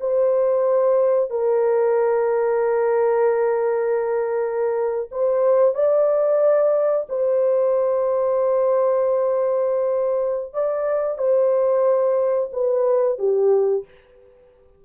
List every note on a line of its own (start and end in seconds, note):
0.00 1.30 C5
1.30 5.09 A#4
5.11 5.75 C5
5.75 7.06 D5
7.09 10.53 C5
10.53 11.18 D5
11.18 12.50 C5
12.52 13.18 B4
13.19 13.85 G4